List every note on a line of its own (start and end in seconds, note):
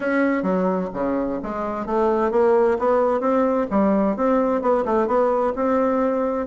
0.00 0.42 C#4
0.42 0.89 F#3
0.93 1.40 C#3
1.42 1.86 G#3
1.86 2.31 A3
2.31 2.77 A#3
2.78 3.20 B3
3.20 3.66 C4
3.70 4.16 G3
4.16 4.61 C4
4.61 4.84 B3
4.85 5.07 A3
5.07 5.53 B3
5.55 6.46 C4